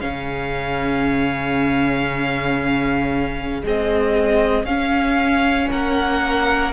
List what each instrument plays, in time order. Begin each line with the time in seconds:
0.00 cello C#3, viola C#4, violin G#4 F5
3.62 viola G#3, cello C4, violin D#5
4.64 cello C#4, viola C#4, violin F5
5.71 cello A#3, violin A#4 F#5